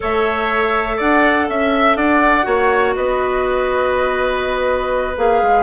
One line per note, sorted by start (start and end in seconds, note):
0.00 1.00 A3
0.00 2.42 A4
0.00 0.96 C#5
0.00 1.00 E5
0.96 1.49 D4
0.96 1.45 D5
0.96 1.49 F#5
1.49 1.96 C#4
1.49 1.95 E5
1.49 1.96 E5
1.95 2.45 D4
1.95 2.46 D5
1.95 2.94 F#5
2.42 2.95 A#3
2.42 5.13 F#4
2.42 2.95 C#5
2.95 5.17 B3
2.95 5.63 B4
2.95 5.16 D#5
5.16 5.41 A#3
5.16 5.63 G#4
5.16 5.63 F5
5.42 5.63 G#3